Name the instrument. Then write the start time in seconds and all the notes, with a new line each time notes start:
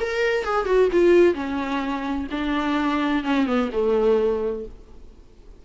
viola
0.00 A#4
0.44 G#4
0.65 F#4
0.92 F4
1.34 C#4
2.31 D4
3.24 C#4
3.46 B3
3.72 A3